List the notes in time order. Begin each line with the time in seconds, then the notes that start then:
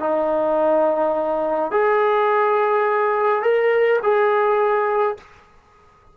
0.00 D#4
1.71 G#4
3.43 A#4
4.03 G#4